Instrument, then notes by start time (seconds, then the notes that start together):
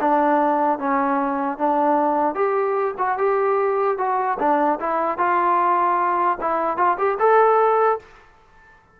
trombone
0.00 D4
0.79 C#4
1.58 D4
2.35 G4
2.98 F#4
3.17 G4
3.98 F#4
4.39 D4
4.80 E4
5.18 F4
6.40 E4
6.77 F4
6.98 G4
7.19 A4